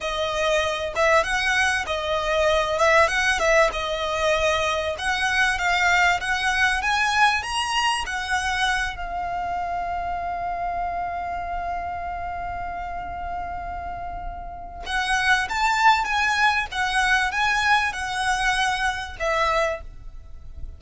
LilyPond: \new Staff \with { instrumentName = "violin" } { \time 4/4 \tempo 4 = 97 dis''4. e''8 fis''4 dis''4~ | dis''8 e''8 fis''8 e''8 dis''2 | fis''4 f''4 fis''4 gis''4 | ais''4 fis''4. f''4.~ |
f''1~ | f''1 | fis''4 a''4 gis''4 fis''4 | gis''4 fis''2 e''4 | }